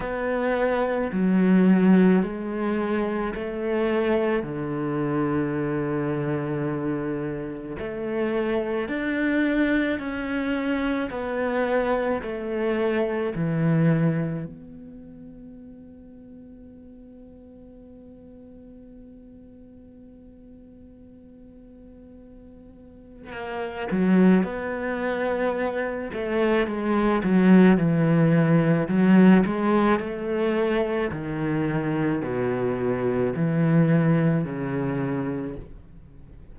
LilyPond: \new Staff \with { instrumentName = "cello" } { \time 4/4 \tempo 4 = 54 b4 fis4 gis4 a4 | d2. a4 | d'4 cis'4 b4 a4 | e4 b2.~ |
b1~ | b4 ais8 fis8 b4. a8 | gis8 fis8 e4 fis8 gis8 a4 | dis4 b,4 e4 cis4 | }